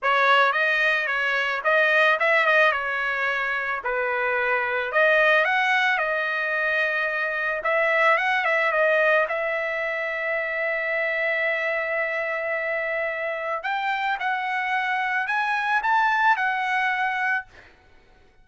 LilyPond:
\new Staff \with { instrumentName = "trumpet" } { \time 4/4 \tempo 4 = 110 cis''4 dis''4 cis''4 dis''4 | e''8 dis''8 cis''2 b'4~ | b'4 dis''4 fis''4 dis''4~ | dis''2 e''4 fis''8 e''8 |
dis''4 e''2.~ | e''1~ | e''4 g''4 fis''2 | gis''4 a''4 fis''2 | }